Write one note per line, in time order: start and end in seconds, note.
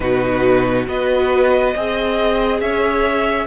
0.00 0.86 B2
0.00 0.86 D#4
0.00 0.88 F#4
0.00 0.85 B4
0.86 1.74 B3
0.86 1.73 F#4
0.86 1.74 B4
0.86 2.60 D#5
1.74 2.60 C4
1.74 3.47 G#4
1.74 2.61 D#5
2.60 3.47 C#4
2.60 3.47 C#5
2.60 3.47 E5